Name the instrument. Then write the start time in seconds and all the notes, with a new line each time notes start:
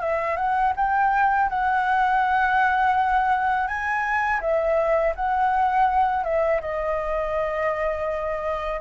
flute
0.00 E5
0.36 F#5
0.76 G5
1.49 F#5
3.67 G#5
4.40 E5
5.15 F#5
6.24 E5
6.61 D#5